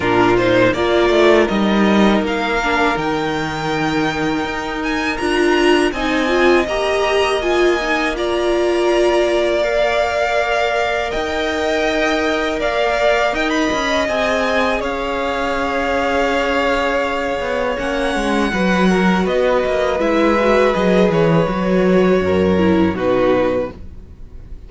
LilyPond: <<
  \new Staff \with { instrumentName = "violin" } { \time 4/4 \tempo 4 = 81 ais'8 c''8 d''4 dis''4 f''4 | g''2~ g''8 gis''8 ais''4 | gis''4 ais''4 gis''4 ais''4~ | ais''4 f''2 g''4~ |
g''4 f''4 g''16 b''8. gis''4 | f''1 | fis''2 dis''4 e''4 | dis''8 cis''2~ cis''8 b'4 | }
  \new Staff \with { instrumentName = "violin" } { \time 4/4 f'4 ais'2.~ | ais'1 | dis''2. d''4~ | d''2. dis''4~ |
dis''4 d''4 dis''2 | cis''1~ | cis''4 b'8 ais'8 b'2~ | b'2 ais'4 fis'4 | }
  \new Staff \with { instrumentName = "viola" } { \time 4/4 d'8 dis'8 f'4 dis'4. d'8 | dis'2. f'4 | dis'8 f'8 g'4 f'8 dis'8 f'4~ | f'4 ais'2.~ |
ais'2. gis'4~ | gis'1 | cis'4 fis'2 e'8 fis'8 | gis'4 fis'4. e'8 dis'4 | }
  \new Staff \with { instrumentName = "cello" } { \time 4/4 ais,4 ais8 a8 g4 ais4 | dis2 dis'4 d'4 | c'4 ais2.~ | ais2. dis'4~ |
dis'4 ais4 dis'8 cis'8 c'4 | cis'2.~ cis'8 b8 | ais8 gis8 fis4 b8 ais8 gis4 | fis8 e8 fis4 fis,4 b,4 | }
>>